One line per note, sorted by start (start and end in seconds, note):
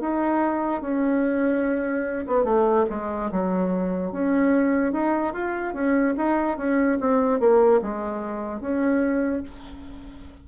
0.00 0.81 D#4
0.81 2.25 C#4
2.26 2.44 B3
2.44 2.85 A3
2.89 3.30 G#3
3.31 4.11 F#3
4.11 4.92 C#4
4.92 5.33 D#4
5.33 5.73 F4
5.73 6.14 C#4
6.17 6.57 D#4
6.57 6.98 C#4
7.00 7.39 C4
7.39 7.80 A#3
7.81 8.60 G#3
8.60 9.43 C#4